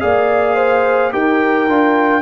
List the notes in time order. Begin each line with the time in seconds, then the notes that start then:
0.00 A#3 G#4 D5 F5
0.56 C5
1.11 D#4 G4 A#4 G5
1.68 D4 F4